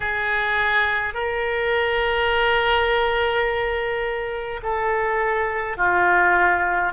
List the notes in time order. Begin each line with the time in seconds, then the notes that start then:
0.00 G#4
1.14 A#4
4.63 A4
5.77 F4